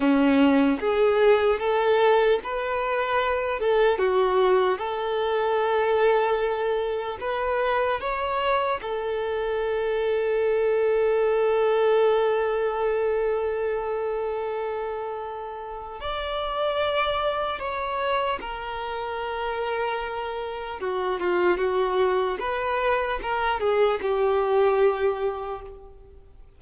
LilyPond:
\new Staff \with { instrumentName = "violin" } { \time 4/4 \tempo 4 = 75 cis'4 gis'4 a'4 b'4~ | b'8 a'8 fis'4 a'2~ | a'4 b'4 cis''4 a'4~ | a'1~ |
a'1 | d''2 cis''4 ais'4~ | ais'2 fis'8 f'8 fis'4 | b'4 ais'8 gis'8 g'2 | }